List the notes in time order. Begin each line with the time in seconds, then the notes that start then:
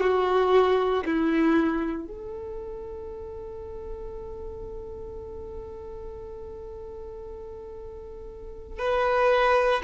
0.00 F#4
1.05 E4
2.07 A4
8.79 B4